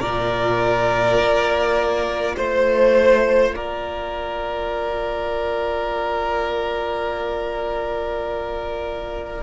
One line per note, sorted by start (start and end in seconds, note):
0.00 1.19 A#2
0.00 9.42 F4
0.00 2.35 A#4
0.00 2.36 D5
1.19 2.37 A#3
2.37 3.55 A3
2.37 3.54 C5
2.37 3.55 C5
3.54 9.43 A#3
3.54 9.43 A#4
3.54 9.43 D5